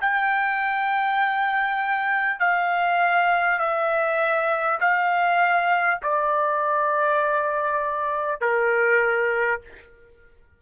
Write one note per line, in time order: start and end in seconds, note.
0.00 2.39 G5
2.39 3.58 F5
3.58 4.78 E5
4.80 6.00 F5
6.02 8.40 D5
8.40 9.60 A#4